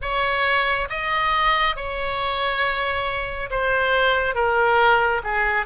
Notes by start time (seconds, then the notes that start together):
0.01 C#5
0.89 D#5
1.76 C#5
3.50 C5
4.34 A#4
5.23 G#4